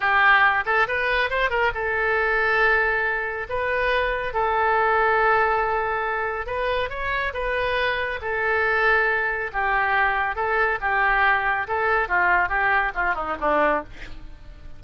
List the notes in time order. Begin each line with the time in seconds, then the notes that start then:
0.00 G4
0.65 A4
0.87 B4
1.30 C5
1.50 A#4
1.74 A4
3.49 B4
4.33 A4
6.46 B4
6.89 C#5
7.33 B4
8.21 A4
9.52 G4
10.35 A4
10.80 G4
11.67 A4
12.08 F4
12.48 G4
12.94 F4
13.14 D#4
13.40 D4